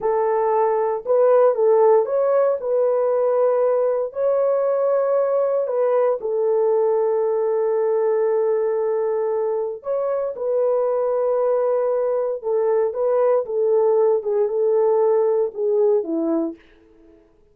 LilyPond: \new Staff \with { instrumentName = "horn" } { \time 4/4 \tempo 4 = 116 a'2 b'4 a'4 | cis''4 b'2. | cis''2. b'4 | a'1~ |
a'2. cis''4 | b'1 | a'4 b'4 a'4. gis'8 | a'2 gis'4 e'4 | }